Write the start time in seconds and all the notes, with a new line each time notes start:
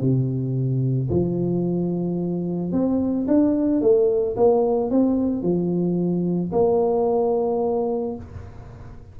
0.00 C3
1.10 F3
2.72 C4
3.27 D4
3.81 A3
4.36 A#3
4.90 C4
5.42 F3
6.52 A#3